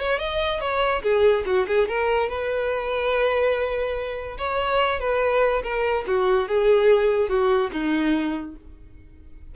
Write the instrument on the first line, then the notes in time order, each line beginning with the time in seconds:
violin
0.00 C#5
0.19 D#5
0.61 C#5
1.03 G#4
1.46 F#4
1.68 G#4
1.88 A#4
2.29 B4
4.38 C#5
5.00 B4
5.63 A#4
6.07 F#4
6.48 G#4
7.29 F#4
7.72 D#4